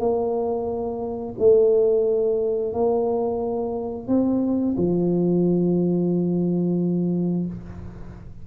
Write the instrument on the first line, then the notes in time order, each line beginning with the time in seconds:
tuba
0.00 A#3
1.39 A3
2.74 A#3
4.08 C4
4.78 F3